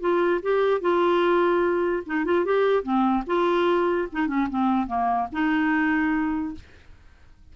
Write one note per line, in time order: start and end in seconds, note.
0.00 0.41 F4
0.42 0.81 G4
0.81 2.03 F4
2.06 2.25 D#4
2.25 2.45 F4
2.45 2.83 G4
2.83 3.24 C4
3.27 4.08 F4
4.12 4.27 D#4
4.27 4.48 C#4
4.50 4.87 C4
4.87 5.28 A#3
5.32 6.55 D#4